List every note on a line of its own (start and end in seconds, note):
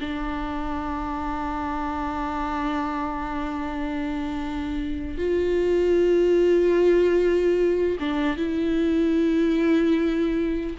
0.00 5.17 D4
5.17 7.97 F4
8.00 8.37 D4
8.37 10.77 E4